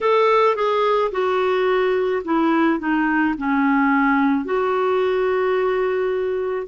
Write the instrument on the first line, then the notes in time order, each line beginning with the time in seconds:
clarinet
0.00 A4
0.55 G#4
1.11 F#4
2.24 E4
2.79 D#4
3.37 C#4
4.44 F#4